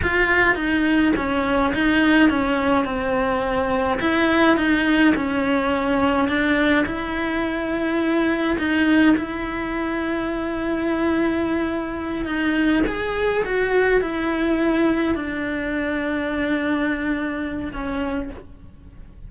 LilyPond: \new Staff \with { instrumentName = "cello" } { \time 4/4 \tempo 4 = 105 f'4 dis'4 cis'4 dis'4 | cis'4 c'2 e'4 | dis'4 cis'2 d'4 | e'2. dis'4 |
e'1~ | e'4. dis'4 gis'4 fis'8~ | fis'8 e'2 d'4.~ | d'2. cis'4 | }